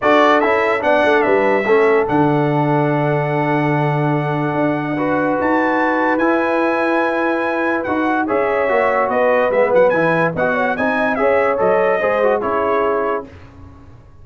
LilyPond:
<<
  \new Staff \with { instrumentName = "trumpet" } { \time 4/4 \tempo 4 = 145 d''4 e''4 fis''4 e''4~ | e''4 fis''2.~ | fis''1~ | fis''4 a''2 gis''4~ |
gis''2. fis''4 | e''2 dis''4 e''8 fis''8 | gis''4 fis''4 gis''4 e''4 | dis''2 cis''2 | }
  \new Staff \with { instrumentName = "horn" } { \time 4/4 a'2 d''4 b'4 | a'1~ | a'1 | b'1~ |
b'1 | cis''2 b'2~ | b'4 dis''8 cis''8 dis''4 cis''4~ | cis''4 c''4 gis'2 | }
  \new Staff \with { instrumentName = "trombone" } { \time 4/4 fis'4 e'4 d'2 | cis'4 d'2.~ | d'1 | fis'2. e'4~ |
e'2. fis'4 | gis'4 fis'2 b4 | e'4 fis'4 dis'4 gis'4 | a'4 gis'8 fis'8 e'2 | }
  \new Staff \with { instrumentName = "tuba" } { \time 4/4 d'4 cis'4 b8 a8 g4 | a4 d2.~ | d2. d'4~ | d'4 dis'2 e'4~ |
e'2. dis'4 | cis'4 ais4 b4 gis8 fis8 | e4 b4 c'4 cis'4 | fis4 gis4 cis'2 | }
>>